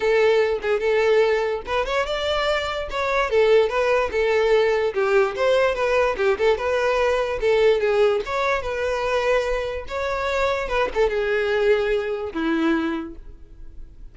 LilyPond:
\new Staff \with { instrumentName = "violin" } { \time 4/4 \tempo 4 = 146 a'4. gis'8 a'2 | b'8 cis''8 d''2 cis''4 | a'4 b'4 a'2 | g'4 c''4 b'4 g'8 a'8 |
b'2 a'4 gis'4 | cis''4 b'2. | cis''2 b'8 a'8 gis'4~ | gis'2 e'2 | }